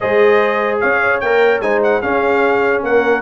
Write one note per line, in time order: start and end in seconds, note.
0.00 0.83 G#3
0.00 1.22 G#4
0.00 0.81 C5
0.00 0.78 D#5
0.80 1.22 C#4
0.80 1.62 C#5
0.80 1.20 F5
1.20 1.61 A#3
1.20 1.62 A#4
1.20 1.61 G5
1.61 2.01 G#3
1.61 2.02 D#4
1.61 2.02 C5
1.61 1.81 G#5
1.83 2.01 F#5
2.01 3.22 C#4
2.01 2.83 C#4
2.01 2.83 G#4
2.01 2.82 F5
2.83 3.22 A#3
2.83 3.22 A#4
2.83 3.22 F#5